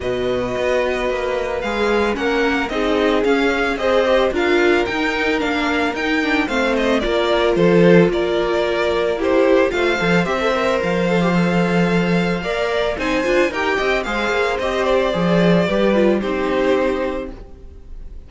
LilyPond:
<<
  \new Staff \with { instrumentName = "violin" } { \time 4/4 \tempo 4 = 111 dis''2. f''4 | fis''4 dis''4 f''4 dis''4 | f''4 g''4 f''4 g''4 | f''8 dis''8 d''4 c''4 d''4~ |
d''4 c''4 f''4 e''4 | f''1 | gis''4 g''4 f''4 dis''8 d''8~ | d''2 c''2 | }
  \new Staff \with { instrumentName = "violin" } { \time 4/4 b'1 | ais'4 gis'2 c''4 | ais'1 | c''4 ais'4 a'4 ais'4~ |
ais'4 g'4 c''2~ | c''2. d''4 | c''4 ais'8 dis''8 c''2~ | c''4 b'4 g'2 | }
  \new Staff \with { instrumentName = "viola" } { \time 4/4 fis'2. gis'4 | cis'4 dis'4 cis'4 gis'8 g'8 | f'4 dis'4 d'4 dis'8 d'8 | c'4 f'2.~ |
f'4 e'4 f'8 a'8 g'16 a'16 ais'8~ | ais'8 a'16 g'16 a'2 ais'4 | dis'8 f'8 g'4 gis'4 g'4 | gis'4 g'8 f'8 dis'2 | }
  \new Staff \with { instrumentName = "cello" } { \time 4/4 b,4 b4 ais4 gis4 | ais4 c'4 cis'4 c'4 | d'4 dis'4 ais4 dis'4 | a4 ais4 f4 ais4~ |
ais2 a8 f8 c'4 | f2. ais4 | c'8 d'8 dis'8 c'8 gis8 ais8 c'4 | f4 g4 c'2 | }
>>